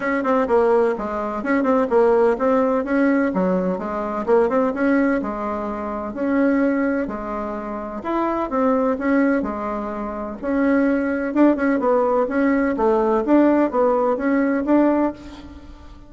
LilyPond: \new Staff \with { instrumentName = "bassoon" } { \time 4/4 \tempo 4 = 127 cis'8 c'8 ais4 gis4 cis'8 c'8 | ais4 c'4 cis'4 fis4 | gis4 ais8 c'8 cis'4 gis4~ | gis4 cis'2 gis4~ |
gis4 e'4 c'4 cis'4 | gis2 cis'2 | d'8 cis'8 b4 cis'4 a4 | d'4 b4 cis'4 d'4 | }